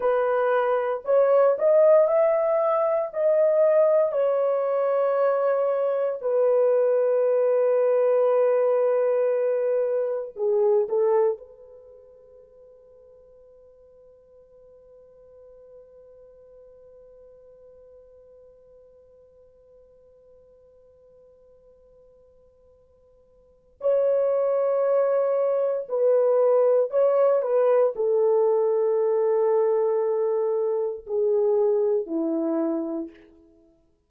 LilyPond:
\new Staff \with { instrumentName = "horn" } { \time 4/4 \tempo 4 = 58 b'4 cis''8 dis''8 e''4 dis''4 | cis''2 b'2~ | b'2 gis'8 a'8 b'4~ | b'1~ |
b'1~ | b'2. cis''4~ | cis''4 b'4 cis''8 b'8 a'4~ | a'2 gis'4 e'4 | }